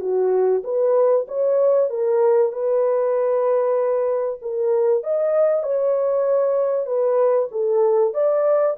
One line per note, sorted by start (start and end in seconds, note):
0.00 0.62 F#4
0.63 1.26 B4
1.28 1.90 C#5
1.90 2.52 A#4
2.52 4.39 B4
4.41 5.03 A#4
5.03 5.63 D#5
5.63 6.86 C#5
6.86 7.49 B4
7.51 8.14 A4
8.14 8.76 D5